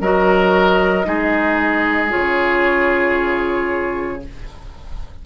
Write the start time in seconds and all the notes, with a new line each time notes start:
0.00 F#3 F#4 A#4 D#5
1.04 G#3 D#4 G#4
2.09 C#3 F4 C#5